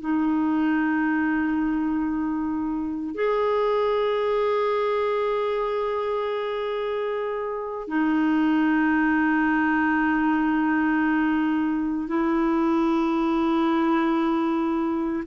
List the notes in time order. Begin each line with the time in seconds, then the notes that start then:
0.00 D#4
3.14 G#4
7.88 D#4
12.07 E4